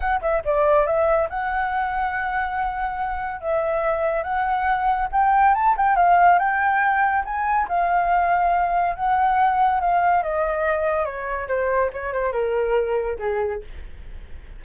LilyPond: \new Staff \with { instrumentName = "flute" } { \time 4/4 \tempo 4 = 141 fis''8 e''8 d''4 e''4 fis''4~ | fis''1 | e''2 fis''2 | g''4 a''8 g''8 f''4 g''4~ |
g''4 gis''4 f''2~ | f''4 fis''2 f''4 | dis''2 cis''4 c''4 | cis''8 c''8 ais'2 gis'4 | }